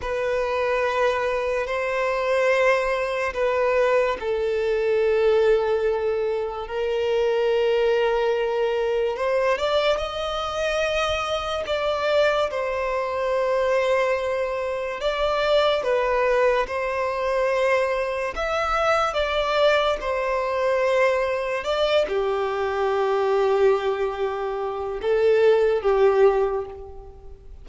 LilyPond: \new Staff \with { instrumentName = "violin" } { \time 4/4 \tempo 4 = 72 b'2 c''2 | b'4 a'2. | ais'2. c''8 d''8 | dis''2 d''4 c''4~ |
c''2 d''4 b'4 | c''2 e''4 d''4 | c''2 d''8 g'4.~ | g'2 a'4 g'4 | }